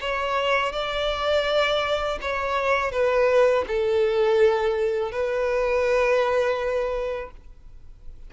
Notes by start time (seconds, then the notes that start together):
0.00 C#5
0.72 D5
2.21 C#5
2.91 B4
3.68 A4
5.11 B4